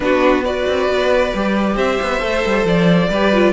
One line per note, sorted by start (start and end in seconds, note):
0.00 0.65 B3
0.00 0.44 D4
0.00 0.44 F#4
0.00 0.44 B4
0.44 1.34 F#4
0.44 1.75 B4
0.44 1.77 D5
0.66 0.87 C4
0.87 1.32 B3
1.34 1.76 G3
1.34 2.20 G4
1.75 1.98 C4
1.75 3.09 C5
1.75 2.66 E5
2.01 2.22 B3
2.20 2.44 A3
2.20 3.09 A4
2.45 2.64 G3
2.64 3.08 F3
2.64 3.52 D5
3.09 3.52 G3
3.09 3.33 G4
3.09 3.52 B4
3.33 3.52 F4